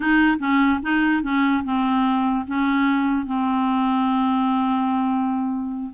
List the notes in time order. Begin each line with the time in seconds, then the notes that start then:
0.00 D#4
0.39 C#4
0.82 D#4
1.22 C#4
1.63 C4
2.47 C#4
3.26 C4